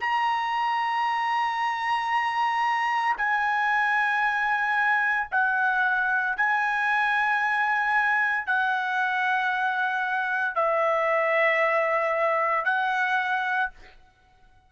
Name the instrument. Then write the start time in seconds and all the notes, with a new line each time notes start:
trumpet
0.00 A#5
3.17 G#5
5.32 F#5
6.37 G#5
8.46 F#5
10.55 E5
12.65 F#5